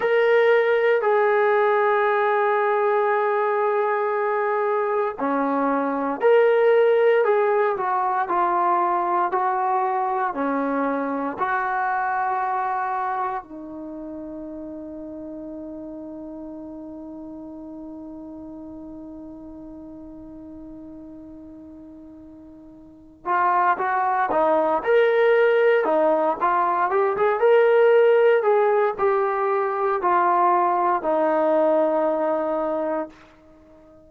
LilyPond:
\new Staff \with { instrumentName = "trombone" } { \time 4/4 \tempo 4 = 58 ais'4 gis'2.~ | gis'4 cis'4 ais'4 gis'8 fis'8 | f'4 fis'4 cis'4 fis'4~ | fis'4 dis'2.~ |
dis'1~ | dis'2~ dis'8 f'8 fis'8 dis'8 | ais'4 dis'8 f'8 g'16 gis'16 ais'4 gis'8 | g'4 f'4 dis'2 | }